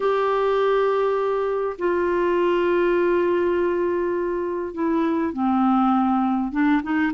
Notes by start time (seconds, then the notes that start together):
0.00 G4
1.78 F4
4.74 E4
5.33 C4
6.52 D4
6.82 D#4